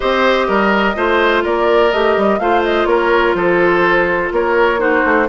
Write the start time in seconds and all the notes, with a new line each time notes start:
0.00 C4 G4 C5 D#5
0.47 G3 A#4
0.95 A3 F4 C5
1.43 A#3 A#4 D5
1.92 A3 G4 D#5
2.17 G3
2.38 A3 F4 C5 F5
2.63 D#5
2.85 A#3 A#4 C#5
3.34 F3 A4 C5
4.31 A#3 A#4 C#5
4.78 D#4 F#4 C5
5.04 A3